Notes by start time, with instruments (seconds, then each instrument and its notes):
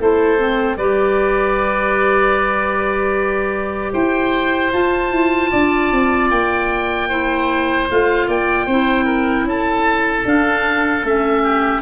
0.00 tuba A3, clarinet E4, oboe A4 C5
0.38 clarinet C4
0.77 tuba G3, clarinet G4, oboe B4 D5
3.93 tuba E4, oboe C5 G5
4.73 tuba F4, clarinet F4, oboe A5
5.12 tuba E4
5.51 tuba D4, oboe D5
5.92 tuba C4
6.31 tuba A#3, oboe G5
7.09 clarinet E4, oboe C5
7.90 tuba A3, clarinet F4, oboe F5
8.27 tuba A#3, oboe D5 G5
8.66 tuba C4, clarinet E4, oboe C5
9.05 oboe A#4
9.45 tuba C#4, oboe A4 A5
10.26 tuba D4, clarinet D4, oboe F5
11.04 tuba A3, clarinet C#4, oboe E5
11.43 oboe G4